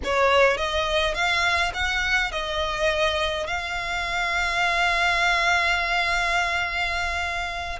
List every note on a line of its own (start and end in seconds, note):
0.03 0.57 C#5
0.57 1.14 D#5
1.14 1.72 F5
1.74 2.31 F#5
2.31 3.46 D#5
3.46 7.79 F5